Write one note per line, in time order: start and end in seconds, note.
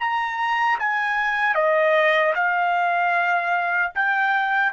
0.00 0.79 A#5
0.79 1.55 G#5
1.55 2.34 D#5
2.35 3.93 F5
3.95 4.73 G5